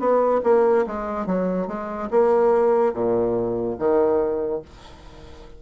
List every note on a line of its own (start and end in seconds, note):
0.00 0.42 B3
0.44 0.86 A#3
0.87 1.27 G#3
1.27 1.68 F#3
1.68 2.10 G#3
2.11 2.94 A#3
2.94 3.77 A#2
3.79 4.62 D#3